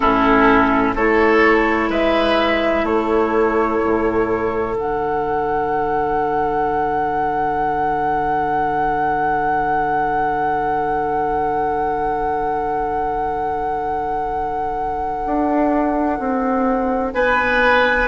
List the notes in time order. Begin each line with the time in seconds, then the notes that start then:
0.00 A2 C#4 E4 A4
0.95 A3 E4 A4 C#5
1.89 G#3 B4 E5
2.83 A3 A4 C#5
3.84 A2
4.75 D3 D4 F#5
15.26 D4
16.19 C4
17.13 B3 B4 G#5